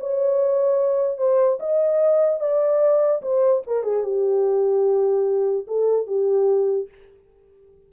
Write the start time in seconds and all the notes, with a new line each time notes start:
0.00 C#5
1.18 C5
1.60 D#5
2.40 D5
3.22 C5
3.67 A#4
3.83 G#4
4.04 G4
5.67 A4
6.07 G4